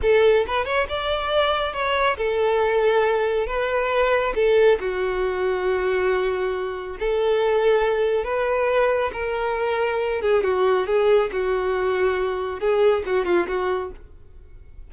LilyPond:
\new Staff \with { instrumentName = "violin" } { \time 4/4 \tempo 4 = 138 a'4 b'8 cis''8 d''2 | cis''4 a'2. | b'2 a'4 fis'4~ | fis'1 |
a'2. b'4~ | b'4 ais'2~ ais'8 gis'8 | fis'4 gis'4 fis'2~ | fis'4 gis'4 fis'8 f'8 fis'4 | }